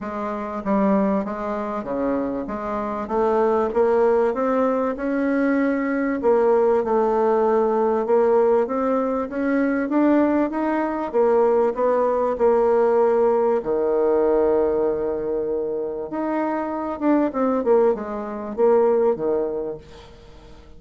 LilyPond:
\new Staff \with { instrumentName = "bassoon" } { \time 4/4 \tempo 4 = 97 gis4 g4 gis4 cis4 | gis4 a4 ais4 c'4 | cis'2 ais4 a4~ | a4 ais4 c'4 cis'4 |
d'4 dis'4 ais4 b4 | ais2 dis2~ | dis2 dis'4. d'8 | c'8 ais8 gis4 ais4 dis4 | }